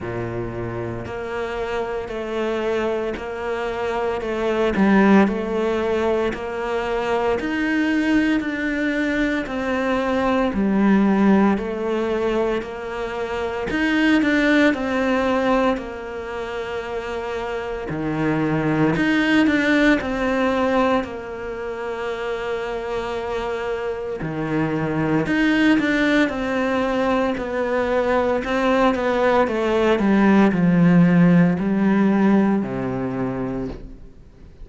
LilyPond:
\new Staff \with { instrumentName = "cello" } { \time 4/4 \tempo 4 = 57 ais,4 ais4 a4 ais4 | a8 g8 a4 ais4 dis'4 | d'4 c'4 g4 a4 | ais4 dis'8 d'8 c'4 ais4~ |
ais4 dis4 dis'8 d'8 c'4 | ais2. dis4 | dis'8 d'8 c'4 b4 c'8 b8 | a8 g8 f4 g4 c4 | }